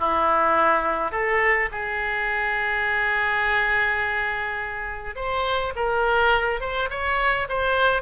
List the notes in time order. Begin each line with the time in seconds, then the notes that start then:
0.00 E4
1.12 A4
1.72 G#4
5.16 C5
5.76 A#4
6.61 C5
6.90 C#5
7.49 C5